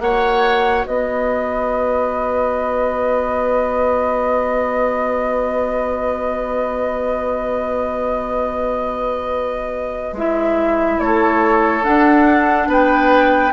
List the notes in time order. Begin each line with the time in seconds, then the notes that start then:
0.00 A#3 F#4 C#5 F#5
0.87 B3 B4 D#5
10.13 G#3 E4 E5
10.99 A3 A4 C#5
11.83 D4 F#5
12.68 B3 B4 G5